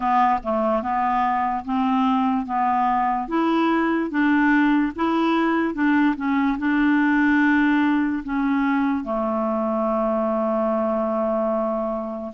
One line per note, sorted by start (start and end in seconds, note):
0.00 0.39 B3
0.43 0.82 A3
0.82 1.64 B3
1.64 2.45 C4
2.45 3.28 B3
3.28 4.10 E4
4.10 4.92 D4
4.95 5.74 E4
5.74 6.15 D4
6.16 6.57 C#4
6.58 8.22 D4
8.23 9.03 C#4
9.03 12.32 A3